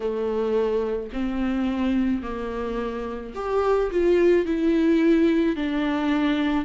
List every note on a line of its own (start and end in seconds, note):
0.00 1.10 A3
1.12 2.22 C4
2.22 3.33 A#3
3.34 3.90 G4
3.90 4.45 F4
4.45 5.56 E4
5.56 6.65 D4